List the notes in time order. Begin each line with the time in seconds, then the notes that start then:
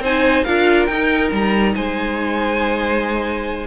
0.00 C4 D#4 C5 G#5
0.44 D4 F4 A#4 F5
0.86 D#4 G5
0.92 D#4
1.32 G3 A#5
1.75 G#3 C5 G#5